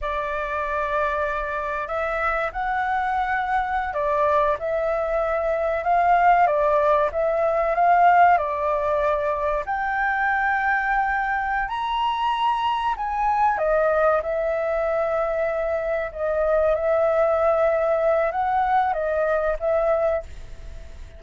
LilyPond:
\new Staff \with { instrumentName = "flute" } { \time 4/4 \tempo 4 = 95 d''2. e''4 | fis''2~ fis''16 d''4 e''8.~ | e''4~ e''16 f''4 d''4 e''8.~ | e''16 f''4 d''2 g''8.~ |
g''2~ g''8 ais''4.~ | ais''8 gis''4 dis''4 e''4.~ | e''4. dis''4 e''4.~ | e''4 fis''4 dis''4 e''4 | }